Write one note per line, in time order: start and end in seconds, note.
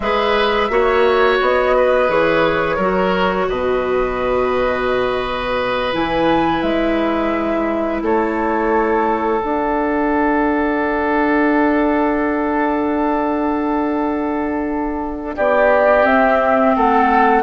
0.00 0.69 G#3
0.00 0.69 G#4
0.00 0.71 B4
0.00 1.38 E5
0.69 1.39 A#3
0.69 2.08 F#4
0.69 1.76 C#5
1.41 2.08 B3
1.41 2.10 D#5
1.76 2.76 B4
2.08 2.77 E3
2.08 2.78 G#4
2.08 3.49 C#5
2.76 3.47 F#3
2.76 5.92 F#4
2.76 3.45 A#4
3.49 5.93 B2
3.49 8.02 B4
3.49 5.93 D#5
5.92 6.62 E3
5.92 9.41 E4
5.92 6.61 G#5
6.61 8.02 G#3
6.61 8.01 E5
8.02 9.41 A3
8.02 15.35 A4
8.02 9.41 C#5
9.41 16.03 D4
9.41 15.36 D4
9.41 15.34 F#5
15.35 16.05 B3
15.35 16.75 G4
15.35 16.06 D5
16.03 17.42 C4
16.03 16.74 C4
16.03 16.75 E5
16.76 17.43 A3
16.76 17.43 A4
16.76 17.43 F#5